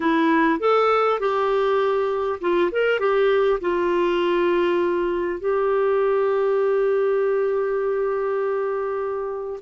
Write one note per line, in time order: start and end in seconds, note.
0.00 0.59 E4
0.59 1.19 A4
1.19 2.39 G4
2.40 2.70 F4
2.71 2.99 A#4
2.99 3.59 G4
3.60 5.40 F4
5.40 9.60 G4